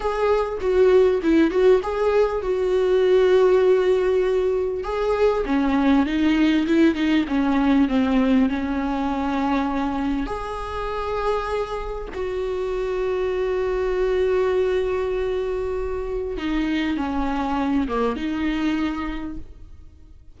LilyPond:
\new Staff \with { instrumentName = "viola" } { \time 4/4 \tempo 4 = 99 gis'4 fis'4 e'8 fis'8 gis'4 | fis'1 | gis'4 cis'4 dis'4 e'8 dis'8 | cis'4 c'4 cis'2~ |
cis'4 gis'2. | fis'1~ | fis'2. dis'4 | cis'4. ais8 dis'2 | }